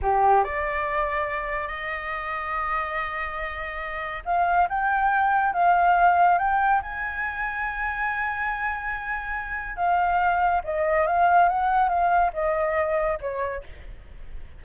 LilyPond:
\new Staff \with { instrumentName = "flute" } { \time 4/4 \tempo 4 = 141 g'4 d''2. | dis''1~ | dis''2 f''4 g''4~ | g''4 f''2 g''4 |
gis''1~ | gis''2. f''4~ | f''4 dis''4 f''4 fis''4 | f''4 dis''2 cis''4 | }